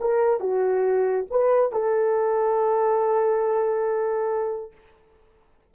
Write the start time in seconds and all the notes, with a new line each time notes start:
0.00 A#4
0.40 F#4
1.30 B4
1.72 A4